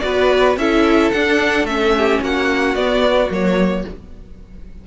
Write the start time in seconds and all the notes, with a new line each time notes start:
0.00 B3 F#4 B4 D5
0.57 C#4 E4 A4 E5
1.12 D4 F#5
1.64 A3 C#4 E5
1.97 G4
2.22 A#3 F#4 F#5
2.75 B3 D5
3.30 F#3 A#3 C#5